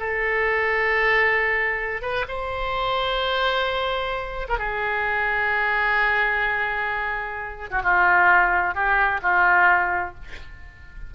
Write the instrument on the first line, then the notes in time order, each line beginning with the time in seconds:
oboe
0.00 A4
2.02 B4
2.29 C5
4.49 A#4
4.59 G#4
7.71 F#4
7.83 F4
8.75 G4
9.23 F4